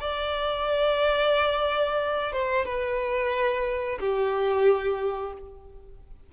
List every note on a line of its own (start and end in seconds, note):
0.00 2.32 D5
2.32 2.65 C5
2.65 3.98 B4
4.00 5.33 G4